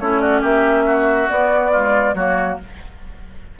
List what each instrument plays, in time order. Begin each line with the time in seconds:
0.00 bassoon A3, clarinet C#4, oboe E4, flute C#5
0.20 oboe F#4, flute D5
0.41 bassoon A#3, oboe G4, flute E5
0.86 oboe F#4
1.29 clarinet B3, bassoon B3, flute D5
1.72 clarinet G#3, oboe F4
2.14 bassoon F#3, clarinet A#3, oboe F#4, flute C#5